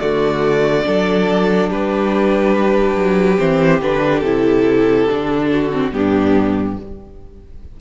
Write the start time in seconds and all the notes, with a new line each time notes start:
0.00 D3 A3 F#4 D5
0.84 F#3 D4 A4
1.70 G3 G4 B4
2.96 F#3
3.39 E3 C4 C5
3.81 D3 D4 B4
4.20 C3 E4 A4
5.09 D3 D4
5.52 F#4
5.73 C4
5.92 G2 B3 D4 G4